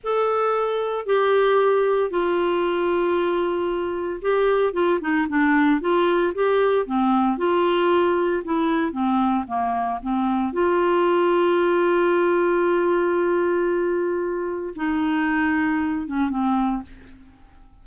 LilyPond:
\new Staff \with { instrumentName = "clarinet" } { \time 4/4 \tempo 4 = 114 a'2 g'2 | f'1 | g'4 f'8 dis'8 d'4 f'4 | g'4 c'4 f'2 |
e'4 c'4 ais4 c'4 | f'1~ | f'1 | dis'2~ dis'8 cis'8 c'4 | }